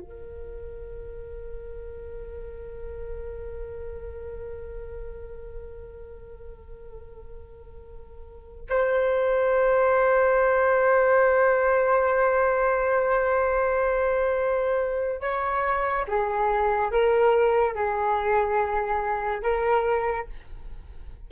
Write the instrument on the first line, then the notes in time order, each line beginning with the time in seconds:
flute
0.00 A#4
8.69 C5
15.21 C#5
16.08 G#4
16.92 A#4
17.75 G#4
19.43 A#4